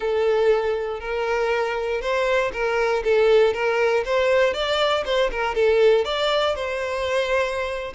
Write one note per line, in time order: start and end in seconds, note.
0.00 1.00 A4
1.00 2.01 A#4
2.01 2.51 C5
2.52 3.03 A#4
3.04 3.53 A4
3.53 4.04 A#4
4.05 4.53 C5
4.53 5.04 D5
5.05 5.30 C5
5.31 5.54 A#4
5.54 6.04 A4
6.04 6.55 D5
6.55 7.93 C5